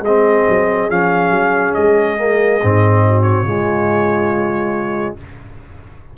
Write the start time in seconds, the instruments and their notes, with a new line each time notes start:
0.00 tuba G#3, horn G#4, trumpet D#5
0.06 trombone C4
0.49 tuba F#3
0.89 tuba F3, trombone C#4, trumpet F5
1.30 tuba F#3
1.74 tuba G#3, trumpet D#5
2.17 trombone A#3
2.62 tuba G#2, trombone C4
3.07 horn F#4
3.22 trumpet C#5
3.42 tuba C#3, trombone G#3, horn F4